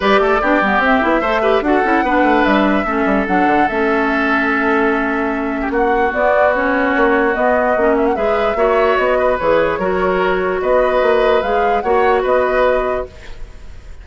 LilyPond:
<<
  \new Staff \with { instrumentName = "flute" } { \time 4/4 \tempo 4 = 147 d''2 e''2 | fis''2 e''2 | fis''4 e''2.~ | e''2 fis''4 d''4 |
cis''2 dis''4. e''16 fis''16 | e''2 dis''4 cis''4~ | cis''2 dis''2 | f''4 fis''4 dis''2 | }
  \new Staff \with { instrumentName = "oboe" } { \time 4/4 b'8 a'8 g'2 c''8 b'8 | a'4 b'2 a'4~ | a'1~ | a'4.~ a'16 g'16 fis'2~ |
fis'1 | b'4 cis''4. b'4. | ais'2 b'2~ | b'4 cis''4 b'2 | }
  \new Staff \with { instrumentName = "clarinet" } { \time 4/4 g'4 d'8 b8 c'8 e'8 a'8 g'8 | fis'8 e'8 d'2 cis'4 | d'4 cis'2.~ | cis'2. b4 |
cis'2 b4 cis'4 | gis'4 fis'2 gis'4 | fis'1 | gis'4 fis'2. | }
  \new Staff \with { instrumentName = "bassoon" } { \time 4/4 g8 a8 b8 g8 c'8 b8 a4 | d'8 cis'8 b8 a8 g4 a8 g8 | fis8 d8 a2.~ | a2 ais4 b4~ |
b4 ais4 b4 ais4 | gis4 ais4 b4 e4 | fis2 b4 ais4 | gis4 ais4 b2 | }
>>